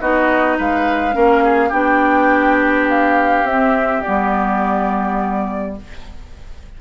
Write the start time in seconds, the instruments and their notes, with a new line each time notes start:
0.00 bassoon B3, clarinet D#4, oboe F#4, flute D#5
0.57 bassoon G#3, oboe B4, flute F5
1.12 bassoon A#3, clarinet C#4, oboe A#4
1.44 oboe G#4
1.69 bassoon B3, clarinet D4, oboe G4, flute G5
2.89 flute F5
3.43 bassoon C4, clarinet C4, flute E5
4.02 bassoon G3, clarinet B3, flute D5